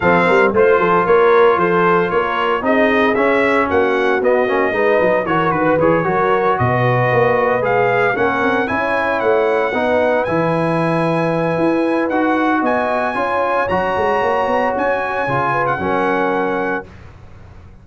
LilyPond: <<
  \new Staff \with { instrumentName = "trumpet" } { \time 4/4 \tempo 4 = 114 f''4 c''4 cis''4 c''4 | cis''4 dis''4 e''4 fis''4 | dis''2 cis''8 b'8 cis''4~ | cis''8 dis''2 f''4 fis''8~ |
fis''8 gis''4 fis''2 gis''8~ | gis''2. fis''4 | gis''2 ais''2 | gis''4.~ gis''16 fis''2~ fis''16 | }
  \new Staff \with { instrumentName = "horn" } { \time 4/4 a'8 ais'8 c''8 a'8 ais'4 a'4 | ais'4 gis'2 fis'4~ | fis'4 b'4 ais'8 b'4 ais'8~ | ais'8 b'2. ais'8~ |
ais'8 cis''2 b'4.~ | b'1 | dis''4 cis''2.~ | cis''4. b'8 ais'2 | }
  \new Staff \with { instrumentName = "trombone" } { \time 4/4 c'4 f'2.~ | f'4 dis'4 cis'2 | b8 cis'8 dis'4 fis'4 gis'8 fis'8~ | fis'2~ fis'8 gis'4 cis'8~ |
cis'8 e'2 dis'4 e'8~ | e'2. fis'4~ | fis'4 f'4 fis'2~ | fis'4 f'4 cis'2 | }
  \new Staff \with { instrumentName = "tuba" } { \time 4/4 f8 g8 a8 f8 ais4 f4 | ais4 c'4 cis'4 ais4 | b8 ais8 gis8 fis8 e8 dis8 e8 fis8~ | fis8 b,4 ais4 gis4 ais8 |
c'8 cis'4 a4 b4 e8~ | e2 e'4 dis'4 | b4 cis'4 fis8 gis8 ais8 b8 | cis'4 cis4 fis2 | }
>>